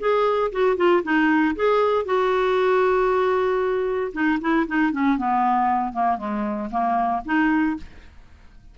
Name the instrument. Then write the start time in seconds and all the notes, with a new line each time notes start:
clarinet
0.00 G#4
0.52 F#4
0.77 F4
1.04 D#4
1.56 G#4
2.05 F#4
4.13 D#4
4.41 E4
4.67 D#4
4.92 C#4
5.18 B3
5.93 A#3
6.18 G#3
6.71 A#3
7.25 D#4